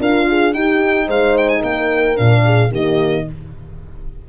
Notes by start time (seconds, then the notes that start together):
0.00 D4 F4 A#4 F5
0.29 G#4
0.54 D#4 G4 G5
1.07 G#3 C5 F5
1.38 G5
1.49 G#5
1.61 A#3 A#4 G5
2.16 A#2 D4 F5
2.44 G#4
2.71 D#3 A#3 G4 D#5